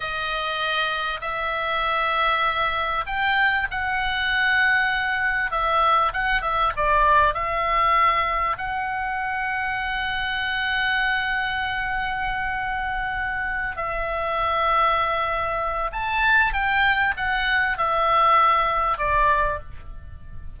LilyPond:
\new Staff \with { instrumentName = "oboe" } { \time 4/4 \tempo 4 = 98 dis''2 e''2~ | e''4 g''4 fis''2~ | fis''4 e''4 fis''8 e''8 d''4 | e''2 fis''2~ |
fis''1~ | fis''2~ fis''8 e''4.~ | e''2 a''4 g''4 | fis''4 e''2 d''4 | }